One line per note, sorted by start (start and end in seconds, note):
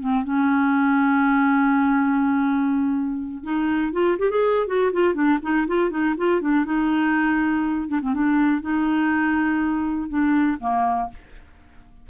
0.00 0.24 C4
0.24 3.44 C#4
3.44 3.93 D#4
3.93 4.18 F4
4.19 4.30 G4
4.30 4.67 G#4
4.67 4.92 F#4
4.93 5.14 F4
5.14 5.39 D4
5.43 5.67 D#4
5.68 5.90 F4
5.90 6.15 D#4
6.18 6.41 F4
6.41 6.65 D4
6.65 7.88 D#4
7.88 8.01 D4
8.02 8.14 C4
8.14 8.62 D4
8.62 10.09 D#4
10.09 10.58 D4
10.61 11.10 A#3